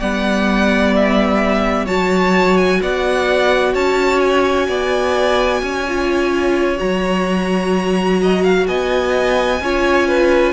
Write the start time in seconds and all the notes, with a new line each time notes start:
0.00 G3 B3 D5 F#5
0.96 E5
1.86 F#3 F#4 C#5 A5
2.58 G#5
2.82 B3 D5 F#5
3.74 C#4 C#5 A5
4.20 G#5
4.68 B3 D5
5.62 C#4 C#5
5.88 F4
6.78 F#3 F#4 A#5
8.22 D#5
8.44 F5
8.67 B3 D#5 G#5
9.61 C#4 F4 C#5
10.08 B4